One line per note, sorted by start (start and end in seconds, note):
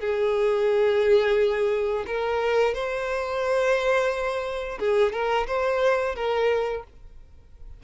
0.00 2.05 G#4
2.06 2.74 A#4
2.74 4.79 C5
4.79 5.13 G#4
5.13 5.47 A#4
5.47 6.15 C5
6.15 6.83 A#4